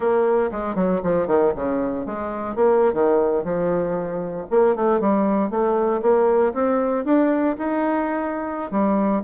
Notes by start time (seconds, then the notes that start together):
0.00 A#3
0.51 G#3
0.75 F#3
1.03 F3
1.27 D#3
1.55 C#3
2.05 G#3
2.55 A#3
2.93 D#3
3.44 F3
4.50 A#3
4.75 A3
5.00 G3
5.50 A3
6.01 A#3
6.53 C4
7.04 D4
7.58 D#4
8.71 G3